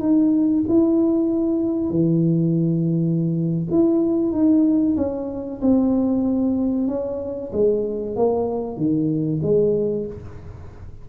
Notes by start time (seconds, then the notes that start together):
0.00 D#4
0.68 E4
1.90 E3
3.71 E4
4.32 D#4
4.97 C#4
5.61 C4
6.88 C#4
7.52 G#3
8.16 A#3
8.76 D#3
9.42 G#3